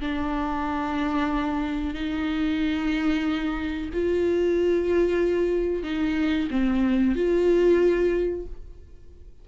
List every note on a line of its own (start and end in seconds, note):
0.00 1.94 D4
1.94 3.90 D#4
3.93 5.83 F4
5.83 6.49 D#4
6.51 7.16 C4
7.16 8.46 F4